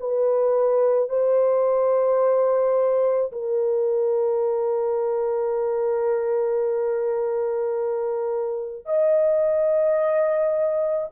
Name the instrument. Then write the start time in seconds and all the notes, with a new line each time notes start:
horn
0.00 B4
1.09 C5
3.32 A#4
8.85 D#5